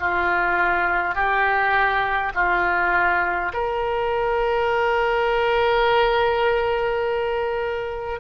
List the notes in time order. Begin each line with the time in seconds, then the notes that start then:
0.00 F4
1.15 G4
2.35 F4
3.53 A#4